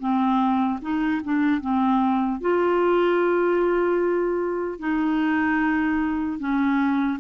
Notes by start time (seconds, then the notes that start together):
0.00 C4
0.82 D#4
1.24 D4
1.61 C4
2.41 F4
4.79 D#4
6.39 C#4